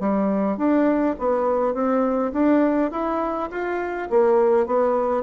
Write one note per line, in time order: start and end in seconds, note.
0.00 0.57 G3
0.57 1.16 D4
1.19 1.74 B3
1.74 2.32 C4
2.33 2.91 D4
2.92 3.50 E4
3.51 4.09 F4
4.10 4.67 A#3
4.67 5.23 B3